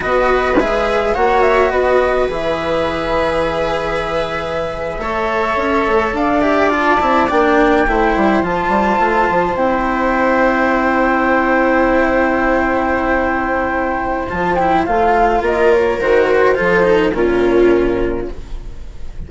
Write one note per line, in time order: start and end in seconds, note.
0.00 0.57 B3
0.00 0.54 F#4
0.00 1.14 B4
0.00 0.58 D#5
0.57 1.14 G#3
0.57 1.15 G#4
0.57 1.14 E5
1.14 1.70 A#3
1.14 2.28 F#4
1.14 1.70 C#5
1.14 1.42 F#5
1.42 1.70 E5
1.70 2.28 B3
1.70 4.98 B4
1.70 2.27 D#5
2.28 4.98 E3
2.28 5.00 G#4
2.28 6.15 E5
4.98 5.55 A3
4.98 6.41 A4
4.98 6.15 C#5
5.56 5.85 C#4
5.87 6.12 A3
6.12 6.98 D4
6.12 7.87 D5
6.12 6.41 F5
6.41 6.69 G4
6.41 6.70 E5
6.69 6.98 F4
6.69 7.28 A5
7.00 7.30 C4
7.00 7.28 E4
7.29 7.87 A#3
7.29 7.86 D4
7.29 8.43 G5
7.87 8.15 A3
7.87 8.43 E4
7.87 15.43 C5
8.16 8.42 G3
8.42 8.69 F3
8.42 9.56 F4
8.42 9.56 A5
8.69 8.97 G3
9.00 9.28 A3
9.29 9.55 F3
9.55 14.26 C4
9.55 14.28 E4
9.55 14.27 G5
14.29 14.87 F3
14.29 14.57 F4
14.29 14.55 A5
14.55 14.86 E4
14.55 14.84 G5
14.85 15.41 A3
14.85 16.00 F4
14.85 15.42 F5
15.41 15.98 A#3
15.41 16.57 A#4
15.41 15.73 D#5
15.73 16.00 C#5
16.00 16.58 D#3
16.00 16.54 F#4
16.00 17.13 C5
16.54 17.13 F3
16.54 16.83 F4
16.54 17.14 A4
16.83 17.11 D#4
17.13 18.27 A#2
17.13 18.28 C#4
17.13 18.30 F4
17.13 18.27 A#4